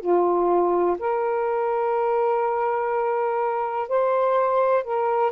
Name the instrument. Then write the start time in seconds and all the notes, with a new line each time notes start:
saxophone
0.00 F4
0.99 A#4
3.88 C5
4.83 A#4